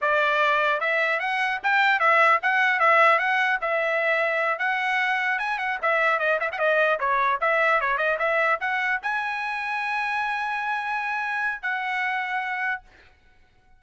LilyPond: \new Staff \with { instrumentName = "trumpet" } { \time 4/4 \tempo 4 = 150 d''2 e''4 fis''4 | g''4 e''4 fis''4 e''4 | fis''4 e''2~ e''8 fis''8~ | fis''4. gis''8 fis''8 e''4 dis''8 |
e''16 fis''16 dis''4 cis''4 e''4 cis''8 | dis''8 e''4 fis''4 gis''4.~ | gis''1~ | gis''4 fis''2. | }